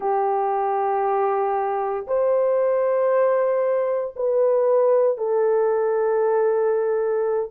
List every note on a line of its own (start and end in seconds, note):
0.00 2.06 G4
2.07 4.14 C5
4.16 5.17 B4
5.17 7.50 A4